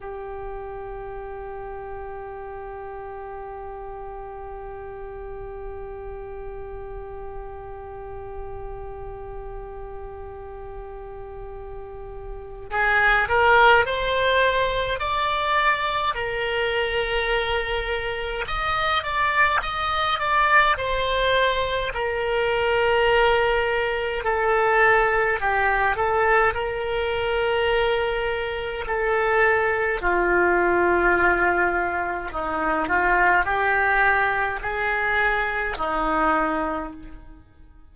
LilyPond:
\new Staff \with { instrumentName = "oboe" } { \time 4/4 \tempo 4 = 52 g'1~ | g'1~ | g'2. gis'8 ais'8 | c''4 d''4 ais'2 |
dis''8 d''8 dis''8 d''8 c''4 ais'4~ | ais'4 a'4 g'8 a'8 ais'4~ | ais'4 a'4 f'2 | dis'8 f'8 g'4 gis'4 dis'4 | }